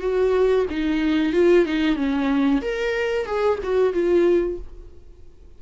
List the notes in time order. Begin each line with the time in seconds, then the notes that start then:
0.00 F#4
0.70 D#4
1.33 F4
1.65 D#4
1.96 C#4
2.61 A#4
3.26 G#4
3.63 F#4
3.93 F4